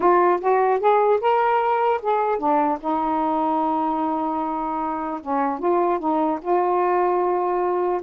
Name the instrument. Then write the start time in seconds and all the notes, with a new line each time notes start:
saxophone
0.00 F4
0.41 F#4
0.80 G#4
1.21 A#4
2.01 G#4
2.38 D4
2.80 D#4
5.21 C#4
5.59 F4
5.99 D#4
6.41 F4